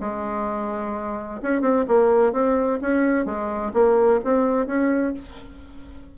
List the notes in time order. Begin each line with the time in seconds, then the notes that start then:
0.00 G#3
1.42 C#4
1.61 C4
1.87 A#3
2.32 C4
2.81 C#4
3.25 G#3
3.73 A#3
4.24 C4
4.66 C#4